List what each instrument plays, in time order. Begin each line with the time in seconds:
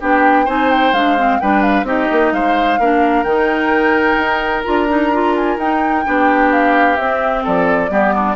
0.00 bassoon B3, clarinet D4, oboe G4, flute G5
0.45 bassoon C4, clarinet D#4, oboe C5, flute G#5
0.71 flute G5
0.93 bassoon G#3, clarinet D4, flute F5
1.17 clarinet C4
1.39 bassoon G3, clarinet D4, oboe B4, flute G5
1.62 flute F5
1.83 bassoon C4, clarinet D#4, oboe G4, flute D#5
2.11 bassoon A#3
2.32 bassoon G#3, oboe C5, flute F5
2.79 bassoon A#3, clarinet D4, oboe A#4
3.23 bassoon D#3, clarinet D#4, flute G5
4.16 bassoon D#4
4.64 bassoon D4, clarinet F4, flute A#5
4.88 clarinet D#4
5.12 clarinet F4
5.35 flute G#5
5.57 bassoon D#4, clarinet D#4, flute G5
6.05 bassoon B3, clarinet D4, oboe G4
6.52 flute F5
6.96 bassoon C4, clarinet C4, flute E5
7.43 bassoon F3, oboe A4, flute D5
7.89 bassoon G3, clarinet B3, oboe G4
8.14 oboe D4